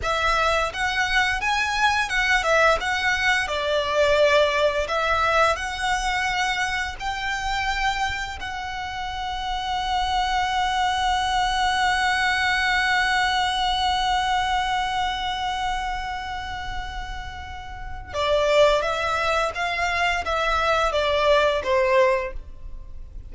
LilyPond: \new Staff \with { instrumentName = "violin" } { \time 4/4 \tempo 4 = 86 e''4 fis''4 gis''4 fis''8 e''8 | fis''4 d''2 e''4 | fis''2 g''2 | fis''1~ |
fis''1~ | fis''1~ | fis''2 d''4 e''4 | f''4 e''4 d''4 c''4 | }